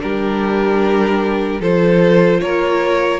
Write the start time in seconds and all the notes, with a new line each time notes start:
0.00 G3 D4 G4 A#4
1.60 F3 F4 A4 C5
2.40 A#3 A#4 C#5